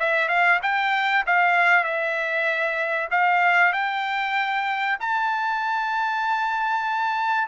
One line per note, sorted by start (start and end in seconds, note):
0.00 0.29 E5
0.29 0.60 F5
0.63 1.25 G5
1.27 1.84 F5
1.84 3.09 E5
3.11 3.73 F5
3.73 4.98 G5
5.01 7.48 A5